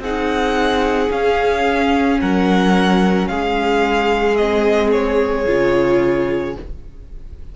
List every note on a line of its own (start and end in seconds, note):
0.00 1.09 C4
0.00 1.09 D#4
0.00 2.20 G#4
0.00 1.12 F#5
1.09 4.36 C#4
1.09 2.20 C#4
1.09 2.21 F5
2.21 3.28 F#3
2.21 3.29 A#4
2.21 3.27 F#5
3.27 5.46 G#3
3.27 6.56 G#4
3.27 4.36 F5
4.36 5.47 C4
4.36 4.91 D#5
4.91 6.55 C#5
5.47 6.56 C#3
5.47 6.56 F4